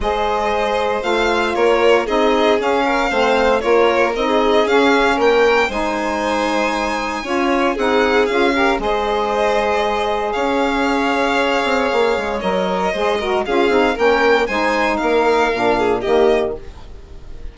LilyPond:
<<
  \new Staff \with { instrumentName = "violin" } { \time 4/4 \tempo 4 = 116 dis''2 f''4 cis''4 | dis''4 f''2 cis''4 | dis''4 f''4 g''4 gis''4~ | gis''2. fis''4 |
f''4 dis''2. | f''1 | dis''2 f''4 g''4 | gis''4 f''2 dis''4 | }
  \new Staff \with { instrumentName = "violin" } { \time 4/4 c''2. ais'4 | gis'4. ais'8 c''4 ais'4~ | ais'16 gis'4.~ gis'16 ais'4 c''4~ | c''2 cis''4 gis'4~ |
gis'8 ais'8 c''2. | cis''1~ | cis''4 c''8 ais'8 gis'4 ais'4 | c''4 ais'4. gis'8 g'4 | }
  \new Staff \with { instrumentName = "saxophone" } { \time 4/4 gis'2 f'2 | dis'4 cis'4 c'4 f'4 | dis'4 cis'2 dis'4~ | dis'2 f'4 dis'4 |
f'8 g'8 gis'2.~ | gis'1 | ais'4 gis'8 fis'8 f'8 dis'8 cis'4 | dis'2 d'4 ais4 | }
  \new Staff \with { instrumentName = "bassoon" } { \time 4/4 gis2 a4 ais4 | c'4 cis'4 a4 ais4 | c'4 cis'4 ais4 gis4~ | gis2 cis'4 c'4 |
cis'4 gis2. | cis'2~ cis'8 c'8 ais8 gis8 | fis4 gis4 cis'8 c'8 ais4 | gis4 ais4 ais,4 dis4 | }
>>